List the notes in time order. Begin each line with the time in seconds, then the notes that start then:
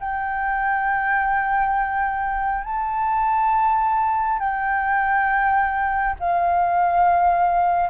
0.00 G5
2.64 A5
4.39 G5
6.19 F5